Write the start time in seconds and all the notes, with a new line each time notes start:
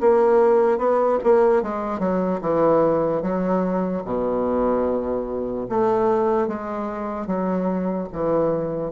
0.00 A#3
0.77 B3
1.23 A#3
1.62 G#3
1.99 F#3
2.41 E3
3.21 F#3
4.04 B2
5.69 A3
6.47 G#3
7.26 F#3
8.12 E3